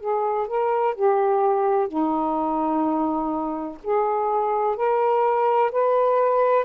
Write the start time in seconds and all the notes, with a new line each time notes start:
0.00 G#4
0.48 A#4
0.95 G4
1.88 D#4
3.84 G#4
4.76 A#4
5.72 B4